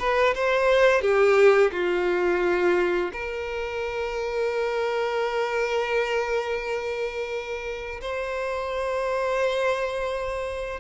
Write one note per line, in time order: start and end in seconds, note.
0.00 0.35 B4
0.35 1.02 C5
1.02 1.72 G4
1.73 3.12 F4
3.13 8.01 A#4
8.02 10.81 C5